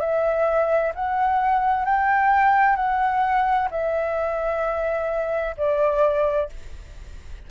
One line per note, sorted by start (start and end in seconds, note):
0.00 0.92 E5
0.95 1.85 F#5
1.85 2.76 G5
2.76 3.68 F#5
3.71 5.56 E5
5.57 6.50 D5